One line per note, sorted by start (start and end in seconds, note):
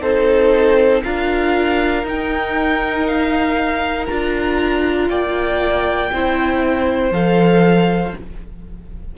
0.00 1.02 C4
0.00 1.02 D#4
0.00 1.02 A4
0.00 1.03 C5
1.03 2.03 D4
1.03 2.04 F4
1.03 5.09 A#4
1.03 2.05 F5
2.03 4.06 D#4
2.03 4.07 D#4
2.03 3.07 G5
3.07 4.06 F5
4.06 5.09 D4
4.06 6.11 F4
4.06 5.08 A#5
5.09 6.11 A#3
5.09 6.10 D5
5.09 7.13 G5
6.12 7.11 C4
6.12 7.12 E4
6.12 8.17 C5
7.11 8.12 F3
7.11 8.14 A4
7.11 8.14 F5